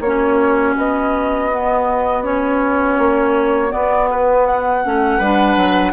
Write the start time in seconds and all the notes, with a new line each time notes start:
0.00 A#3 C#4 F#4 C#5
0.77 B3 D#5
1.51 B3
2.23 C#4 C#5
2.98 A#3
3.70 B3 D5
4.10 B4
4.46 F#5
4.84 A3 C#4
5.17 G3 D4 B4
5.56 F#3